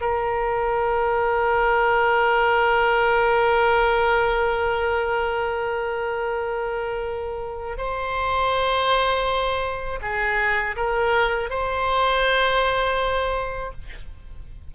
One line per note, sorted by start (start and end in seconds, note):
0.00 7.77 A#4
7.77 9.99 C5
10.01 10.75 G#4
10.76 11.49 A#4
11.49 13.71 C5